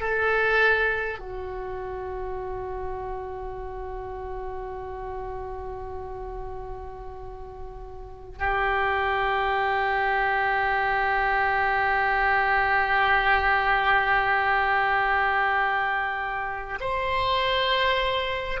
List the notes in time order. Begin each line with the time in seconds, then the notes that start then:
0.00 A4
1.18 F#4
8.38 G4
16.80 C5